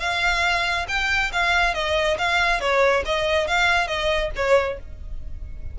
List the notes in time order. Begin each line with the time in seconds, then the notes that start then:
0.00 F5
0.88 G5
1.33 F5
1.74 D#5
2.18 F5
2.61 C#5
3.05 D#5
3.47 F5
3.87 D#5
4.36 C#5